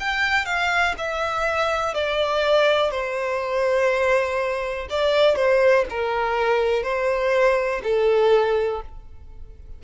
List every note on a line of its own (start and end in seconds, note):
0.00 0.46 G5
0.46 0.95 F5
0.98 1.94 E5
1.94 2.91 D5
2.91 4.88 C5
4.90 5.36 D5
5.36 5.85 C5
5.90 6.83 A#4
6.83 7.82 C5
7.84 8.82 A4